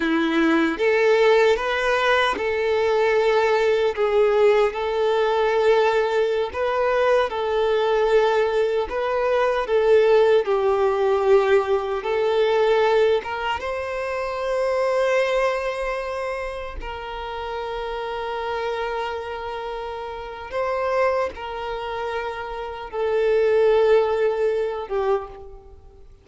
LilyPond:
\new Staff \with { instrumentName = "violin" } { \time 4/4 \tempo 4 = 76 e'4 a'4 b'4 a'4~ | a'4 gis'4 a'2~ | a'16 b'4 a'2 b'8.~ | b'16 a'4 g'2 a'8.~ |
a'8. ais'8 c''2~ c''8.~ | c''4~ c''16 ais'2~ ais'8.~ | ais'2 c''4 ais'4~ | ais'4 a'2~ a'8 g'8 | }